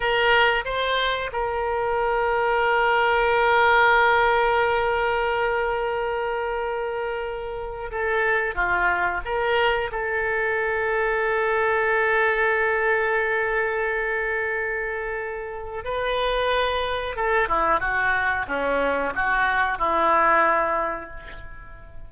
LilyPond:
\new Staff \with { instrumentName = "oboe" } { \time 4/4 \tempo 4 = 91 ais'4 c''4 ais'2~ | ais'1~ | ais'1 | a'4 f'4 ais'4 a'4~ |
a'1~ | a'1 | b'2 a'8 e'8 fis'4 | cis'4 fis'4 e'2 | }